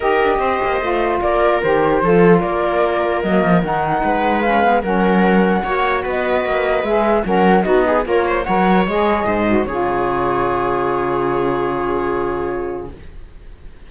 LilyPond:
<<
  \new Staff \with { instrumentName = "flute" } { \time 4/4 \tempo 4 = 149 dis''2. d''4 | c''2 d''2 | dis''4 fis''2 f''4 | fis''2. dis''4~ |
dis''4 e''4 fis''4 dis''4 | cis''4 fis''4 dis''2 | cis''1~ | cis''1 | }
  \new Staff \with { instrumentName = "viola" } { \time 4/4 ais'4 c''2 ais'4~ | ais'4 a'4 ais'2~ | ais'2 b'2 | ais'2 cis''4 b'4~ |
b'2 ais'4 fis'8 gis'8 | ais'8 c''8 cis''2 c''4 | gis'1~ | gis'1 | }
  \new Staff \with { instrumentName = "saxophone" } { \time 4/4 g'2 f'2 | g'4 f'2. | ais4 dis'2 cis'8 b8 | cis'2 fis'2~ |
fis'4 gis'4 cis'4 dis'4 | f'4 ais'4 gis'4. fis'8 | f'1~ | f'1 | }
  \new Staff \with { instrumentName = "cello" } { \time 4/4 dis'8 d'8 c'8 ais8 a4 ais4 | dis4 f4 ais2 | fis8 f8 dis4 gis2 | fis2 ais4 b4 |
ais4 gis4 fis4 b4 | ais4 fis4 gis4 gis,4 | cis1~ | cis1 | }
>>